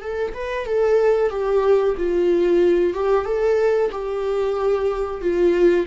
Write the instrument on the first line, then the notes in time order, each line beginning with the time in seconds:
viola
0.00 A4
0.34 B4
0.66 A4
1.30 G4
1.97 F4
2.93 G4
3.25 A4
3.91 G4
5.21 F4